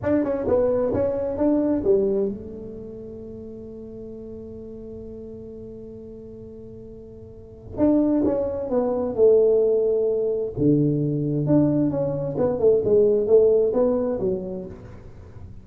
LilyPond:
\new Staff \with { instrumentName = "tuba" } { \time 4/4 \tempo 4 = 131 d'8 cis'8 b4 cis'4 d'4 | g4 a2.~ | a1~ | a1~ |
a4 d'4 cis'4 b4 | a2. d4~ | d4 d'4 cis'4 b8 a8 | gis4 a4 b4 fis4 | }